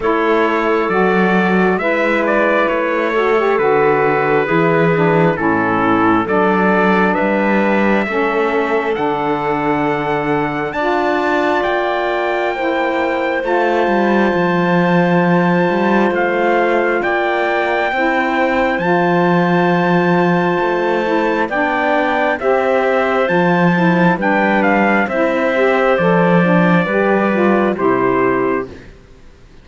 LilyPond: <<
  \new Staff \with { instrumentName = "trumpet" } { \time 4/4 \tempo 4 = 67 cis''4 d''4 e''8 d''8 cis''4 | b'2 a'4 d''4 | e''2 fis''2 | a''4 g''2 a''4~ |
a''2 f''4 g''4~ | g''4 a''2. | g''4 e''4 a''4 g''8 f''8 | e''4 d''2 c''4 | }
  \new Staff \with { instrumentName = "clarinet" } { \time 4/4 a'2 b'4. a'8~ | a'4 gis'4 e'4 a'4 | b'4 a'2. | d''2 c''2~ |
c''2. d''4 | c''1 | d''4 c''2 b'4 | c''2 b'4 g'4 | }
  \new Staff \with { instrumentName = "saxophone" } { \time 4/4 e'4 fis'4 e'4. fis'16 g'16 | fis'4 e'8 d'8 cis'4 d'4~ | d'4 cis'4 d'2 | f'2 e'4 f'4~ |
f'1 | e'4 f'2~ f'8 e'8 | d'4 g'4 f'8 e'8 d'4 | e'8 g'8 a'8 d'8 g'8 f'8 e'4 | }
  \new Staff \with { instrumentName = "cello" } { \time 4/4 a4 fis4 gis4 a4 | d4 e4 a,4 fis4 | g4 a4 d2 | d'4 ais2 a8 g8 |
f4. g8 a4 ais4 | c'4 f2 a4 | b4 c'4 f4 g4 | c'4 f4 g4 c4 | }
>>